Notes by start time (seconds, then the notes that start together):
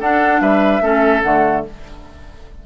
0.00 D4 A4 F#5
0.41 G3 B4 E5
0.81 A3 C#4 A4
1.23 D3 A3 F#5